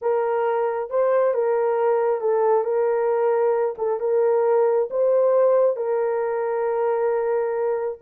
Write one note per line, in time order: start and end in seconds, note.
0.01 0.90 A#4
0.90 1.34 C5
1.34 2.20 A#4
2.20 2.64 A4
2.64 3.75 A#4
3.78 4.00 A4
4.00 4.88 A#4
4.90 5.76 C5
5.76 7.98 A#4